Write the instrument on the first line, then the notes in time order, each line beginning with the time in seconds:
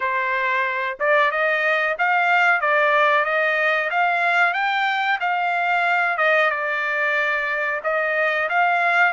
trumpet
0.00 C5
0.99 D5
1.31 D#5
1.98 F5
2.60 D5
3.24 D#5
3.90 F5
4.53 G5
5.20 F5
6.17 D#5
6.50 D5
7.83 D#5
8.49 F5